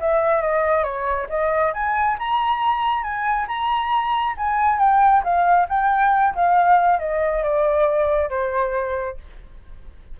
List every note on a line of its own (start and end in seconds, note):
0.00 0.42 E5
0.42 0.84 D#5
0.84 1.27 C#5
1.29 1.73 D#5
1.74 2.18 G#5
2.19 3.03 A#5
3.03 3.47 G#5
3.48 4.35 A#5
4.37 4.79 G#5
4.79 5.23 G5
5.24 5.67 F5
5.69 6.34 G5
6.35 6.99 F5
6.99 7.43 D#5
7.43 8.30 D5
8.30 9.17 C5